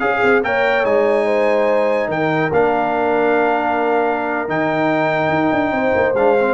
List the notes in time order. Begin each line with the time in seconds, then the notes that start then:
0.00 C#4 G#4 F5
0.23 C4
0.43 A#3 A#4 C#5 G5
0.84 G#3 D#4 G#5
1.26 C5
2.09 D#3 A#4 G5
2.52 A#3 D4 F5
4.48 D#3 D#4 G5
5.29 D#4
5.52 D4
5.72 C4 C5
5.96 A#3
6.15 G#3 D4 F5
6.40 C4